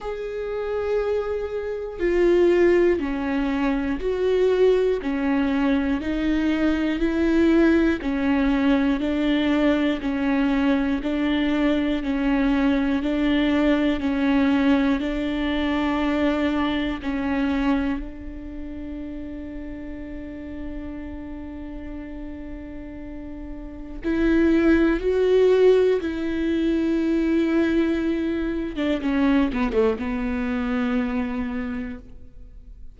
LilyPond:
\new Staff \with { instrumentName = "viola" } { \time 4/4 \tempo 4 = 60 gis'2 f'4 cis'4 | fis'4 cis'4 dis'4 e'4 | cis'4 d'4 cis'4 d'4 | cis'4 d'4 cis'4 d'4~ |
d'4 cis'4 d'2~ | d'1 | e'4 fis'4 e'2~ | e'8. d'16 cis'8 b16 a16 b2 | }